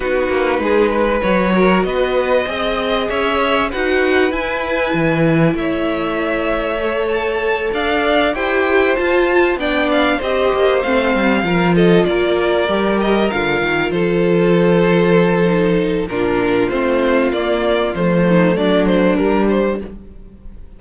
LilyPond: <<
  \new Staff \with { instrumentName = "violin" } { \time 4/4 \tempo 4 = 97 b'2 cis''4 dis''4~ | dis''4 e''4 fis''4 gis''4~ | gis''4 e''2~ e''8 a''8~ | a''8 f''4 g''4 a''4 g''8 |
f''8 dis''4 f''4. dis''8 d''8~ | d''4 dis''8 f''4 c''4.~ | c''2 ais'4 c''4 | d''4 c''4 d''8 c''8 ais'8 c''8 | }
  \new Staff \with { instrumentName = "violin" } { \time 4/4 fis'4 gis'8 b'4 ais'8 b'4 | dis''4 cis''4 b'2~ | b'4 cis''2.~ | cis''8 d''4 c''2 d''8~ |
d''8 c''2 ais'8 a'8 ais'8~ | ais'2~ ais'8 a'4.~ | a'2 f'2~ | f'4. dis'8 d'2 | }
  \new Staff \with { instrumentName = "viola" } { \time 4/4 dis'2 fis'2 | gis'2 fis'4 e'4~ | e'2. a'4~ | a'4. g'4 f'4 d'8~ |
d'8 g'4 c'4 f'4.~ | f'8 g'4 f'2~ f'8~ | f'4 dis'4 d'4 c'4 | ais4 a2 g4 | }
  \new Staff \with { instrumentName = "cello" } { \time 4/4 b8 ais8 gis4 fis4 b4 | c'4 cis'4 dis'4 e'4 | e4 a2.~ | a8 d'4 e'4 f'4 b8~ |
b8 c'8 ais8 a8 g8 f4 ais8~ | ais8 g4 d8 dis8 f4.~ | f2 ais,4 a4 | ais4 f4 fis4 g4 | }
>>